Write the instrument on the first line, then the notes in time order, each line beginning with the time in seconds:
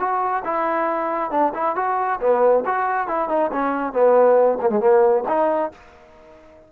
trombone
0.00 F#4
0.45 E4
1.31 D4
1.55 E4
1.76 F#4
2.21 B3
2.66 F#4
3.08 E4
3.29 D#4
3.52 C#4
3.93 B3
4.62 A#3
4.70 G#3
4.81 A#3
5.28 D#4